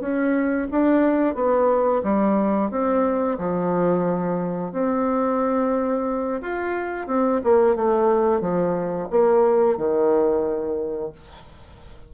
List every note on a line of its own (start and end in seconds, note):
0.00 0.67 C#4
0.71 1.35 D4
1.35 2.02 B3
2.03 2.71 G3
2.71 3.38 C4
3.38 4.73 F3
4.73 6.41 C4
6.41 7.07 F4
7.07 7.41 C4
7.43 7.76 A#3
7.76 8.41 A3
8.41 9.08 F3
9.10 9.77 A#3
9.77 11.12 D#3